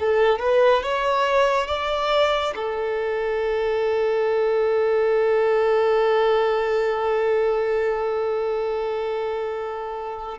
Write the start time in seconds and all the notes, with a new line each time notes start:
0.00 A4
0.40 B4
0.83 C#5
1.67 D5
2.56 A4